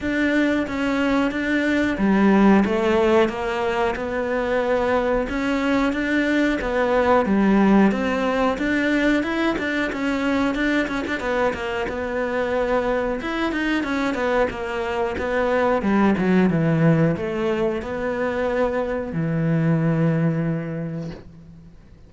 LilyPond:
\new Staff \with { instrumentName = "cello" } { \time 4/4 \tempo 4 = 91 d'4 cis'4 d'4 g4 | a4 ais4 b2 | cis'4 d'4 b4 g4 | c'4 d'4 e'8 d'8 cis'4 |
d'8 cis'16 d'16 b8 ais8 b2 | e'8 dis'8 cis'8 b8 ais4 b4 | g8 fis8 e4 a4 b4~ | b4 e2. | }